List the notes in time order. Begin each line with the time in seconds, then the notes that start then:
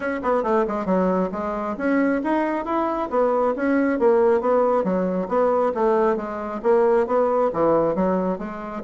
0.00 C#4
0.22 B3
0.43 A3
0.67 G#3
0.85 F#3
1.32 G#3
1.77 C#4
2.23 D#4
2.65 E4
3.10 B3
3.56 C#4
3.99 A#3
4.41 B3
4.84 F#3
5.28 B3
5.74 A3
6.16 G#3
6.63 A#3
7.06 B3
7.53 E3
7.95 F#3
8.38 G#3